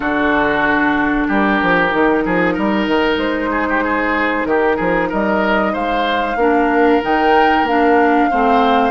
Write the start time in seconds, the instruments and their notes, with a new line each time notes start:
0.00 bassoon D3, clarinet D4, oboe F#4, flute A4
1.27 bassoon G3, oboe G4, flute A#4
1.62 bassoon F3
1.89 bassoon D#3, clarinet D#4
2.25 bassoon F3, oboe G#4
2.53 bassoon G3, oboe A#4
2.87 bassoon D#3
3.17 bassoon G#3, flute C5
3.51 oboe G#4
3.69 oboe G4
3.83 oboe G#4
4.45 bassoon D#3, oboe G4, flute A#4
4.76 bassoon F3, oboe G#4
5.09 bassoon G3, oboe A#4, flute D#5
5.72 bassoon G#3, oboe C5, flute F5
6.35 bassoon A#3, clarinet D4, oboe A#4
7.02 bassoon D#3, clarinet D#4, flute G5
7.62 bassoon A#3, clarinet D4, flute F5
8.30 bassoon A3, clarinet C4, oboe C5